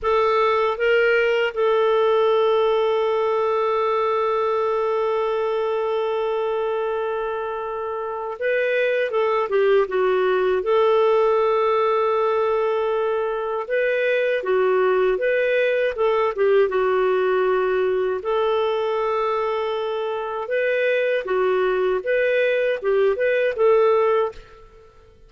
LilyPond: \new Staff \with { instrumentName = "clarinet" } { \time 4/4 \tempo 4 = 79 a'4 ais'4 a'2~ | a'1~ | a'2. b'4 | a'8 g'8 fis'4 a'2~ |
a'2 b'4 fis'4 | b'4 a'8 g'8 fis'2 | a'2. b'4 | fis'4 b'4 g'8 b'8 a'4 | }